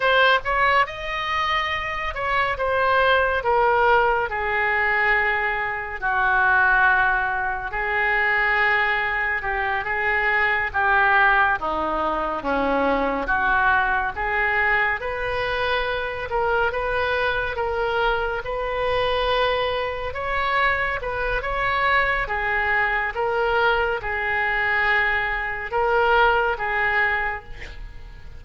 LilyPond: \new Staff \with { instrumentName = "oboe" } { \time 4/4 \tempo 4 = 70 c''8 cis''8 dis''4. cis''8 c''4 | ais'4 gis'2 fis'4~ | fis'4 gis'2 g'8 gis'8~ | gis'8 g'4 dis'4 cis'4 fis'8~ |
fis'8 gis'4 b'4. ais'8 b'8~ | b'8 ais'4 b'2 cis''8~ | cis''8 b'8 cis''4 gis'4 ais'4 | gis'2 ais'4 gis'4 | }